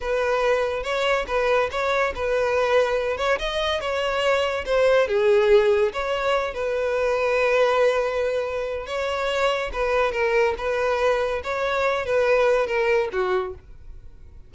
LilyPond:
\new Staff \with { instrumentName = "violin" } { \time 4/4 \tempo 4 = 142 b'2 cis''4 b'4 | cis''4 b'2~ b'8 cis''8 | dis''4 cis''2 c''4 | gis'2 cis''4. b'8~ |
b'1~ | b'4 cis''2 b'4 | ais'4 b'2 cis''4~ | cis''8 b'4. ais'4 fis'4 | }